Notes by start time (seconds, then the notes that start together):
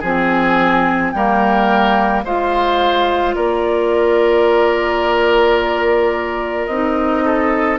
0.00 F3 C4 G#4 G#5
1.11 G3 A#3 A#4 G5
2.25 G#3 F4 C5 F5
3.35 A#3 A#4 D5
6.67 C4 D#4 D#5
7.25 A4